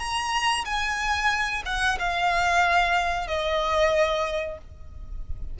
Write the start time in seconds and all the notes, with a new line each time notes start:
0.00 A#5
0.66 G#5
1.66 F#5
2.00 F5
3.28 D#5